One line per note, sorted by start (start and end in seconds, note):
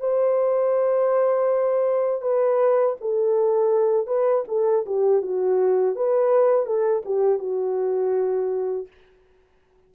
0.00 2.22 C5
2.22 2.96 B4
3.01 4.07 A4
4.07 4.44 B4
4.48 4.86 A4
4.86 5.22 G4
5.22 5.96 F#4
5.96 6.66 B4
6.66 7.03 A4
7.05 7.39 G4
7.39 8.87 F#4